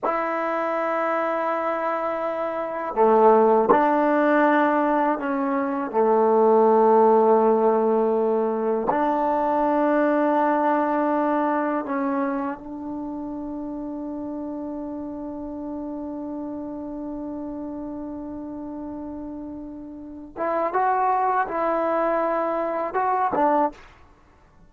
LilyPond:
\new Staff \with { instrumentName = "trombone" } { \time 4/4 \tempo 4 = 81 e'1 | a4 d'2 cis'4 | a1 | d'1 |
cis'4 d'2.~ | d'1~ | d'2.~ d'8 e'8 | fis'4 e'2 fis'8 d'8 | }